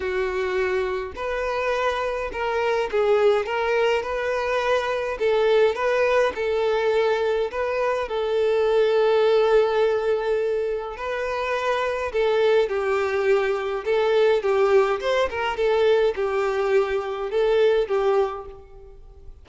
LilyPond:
\new Staff \with { instrumentName = "violin" } { \time 4/4 \tempo 4 = 104 fis'2 b'2 | ais'4 gis'4 ais'4 b'4~ | b'4 a'4 b'4 a'4~ | a'4 b'4 a'2~ |
a'2. b'4~ | b'4 a'4 g'2 | a'4 g'4 c''8 ais'8 a'4 | g'2 a'4 g'4 | }